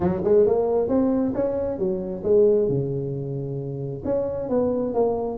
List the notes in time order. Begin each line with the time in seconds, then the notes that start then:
0.00 F#3
0.24 G#3
0.46 A#3
0.88 C4
1.34 C#4
1.78 F#3
2.23 G#3
2.68 C#3
4.04 C#4
4.49 B3
4.94 A#3